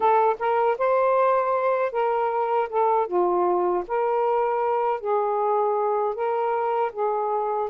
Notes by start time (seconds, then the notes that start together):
0.00 A4
0.39 A#4
0.77 C5
1.92 A#4
2.69 A4
3.07 F4
3.87 A#4
5.00 G#4
6.14 A#4
6.92 G#4